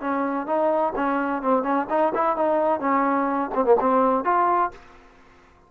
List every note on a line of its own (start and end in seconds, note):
0.00 0.46 C#4
0.46 0.93 D#4
0.95 1.42 C#4
1.42 1.62 C4
1.62 1.86 C#4
1.89 2.12 D#4
2.15 2.36 E4
2.36 2.80 D#4
2.80 3.50 C#4
3.54 3.64 C4
3.64 3.76 A#3
3.79 4.24 C4
4.24 4.71 F4